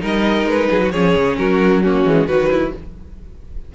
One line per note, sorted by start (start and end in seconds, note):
0.00 0.45 G3
0.00 0.90 D#4
0.00 0.69 A#4
0.00 0.48 D#5
0.45 0.68 G#3
0.45 0.91 B4
0.70 0.93 F#3
0.70 0.82 G#4
0.83 0.93 F#4
0.91 1.16 F3
0.91 1.84 C#4
0.91 1.38 G#4
0.91 1.36 C#5
1.16 1.38 C#3
1.38 2.05 F#3
1.38 1.83 F#4
1.38 1.83 A#4
1.83 2.06 A#3
1.83 2.27 C#4
1.83 2.27 F#4
2.05 2.27 E3
2.05 2.28 G#3
2.27 2.73 D#3
2.27 2.75 F#3
2.27 2.50 F#4
2.27 2.72 B4
2.51 2.73 E4